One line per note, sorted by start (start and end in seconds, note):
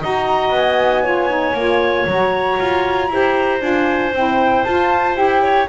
0.00 0.49 D#4
0.00 1.03 F#4
0.00 1.03 D#5
0.00 0.53 A#5
0.49 1.53 B3
0.49 2.08 G#5
1.03 1.29 F4
1.03 3.10 C#5
1.29 1.54 D#4
1.53 2.05 A#3
1.53 2.08 F4
2.06 2.58 F#3
2.06 3.09 F#4
2.06 3.61 A#5
2.59 3.09 F4
3.09 3.60 E4
3.09 3.59 G4
3.09 5.43 C5
3.59 4.12 D4
3.59 4.11 F4
3.59 4.13 G#5
4.12 4.64 C4
4.12 4.66 E4
4.12 4.64 G5
4.64 5.16 F4
4.64 5.14 F4
4.64 5.15 A5
5.14 5.67 E4
5.14 5.65 G4
5.14 5.68 G5
5.43 5.68 C#5